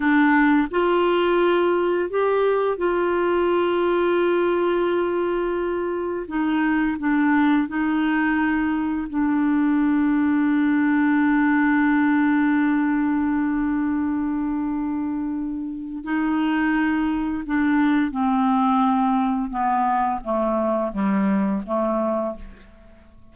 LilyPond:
\new Staff \with { instrumentName = "clarinet" } { \time 4/4 \tempo 4 = 86 d'4 f'2 g'4 | f'1~ | f'4 dis'4 d'4 dis'4~ | dis'4 d'2.~ |
d'1~ | d'2. dis'4~ | dis'4 d'4 c'2 | b4 a4 g4 a4 | }